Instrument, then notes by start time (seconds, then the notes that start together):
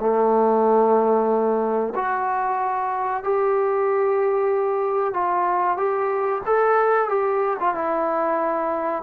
trombone
0.00 A3
1.95 F#4
3.23 G4
5.13 F4
5.77 G4
6.46 A4
7.09 G4
7.60 F4
7.74 E4